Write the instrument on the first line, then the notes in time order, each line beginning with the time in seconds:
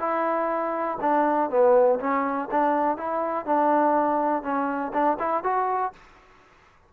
trombone
0.00 E4
1.01 D4
1.50 B3
2.00 C#4
2.52 D4
2.98 E4
3.46 D4
4.44 C#4
4.94 D4
5.20 E4
5.44 F#4